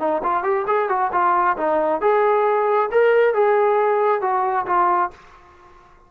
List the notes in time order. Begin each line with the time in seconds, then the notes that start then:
0.00 D#4
0.23 F4
0.44 G4
0.68 G#4
0.89 F#4
1.13 F4
1.57 D#4
2.01 G#4
2.92 A#4
3.35 G#4
4.22 F#4
4.67 F4